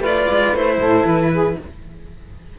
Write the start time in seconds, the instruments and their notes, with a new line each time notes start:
0.00 cello A3 F4, saxophone B4, violin D5
0.30 cello G#3
0.54 cello A3 E4, violin C5
0.79 cello A2, saxophone A4
1.05 cello E3, violin B4
1.33 saxophone G#4